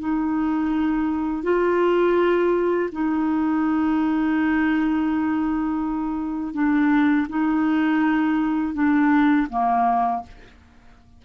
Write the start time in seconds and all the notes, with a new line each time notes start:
0.00 D#4
1.44 F4
2.93 D#4
6.54 D4
7.29 D#4
8.75 D4
9.50 A#3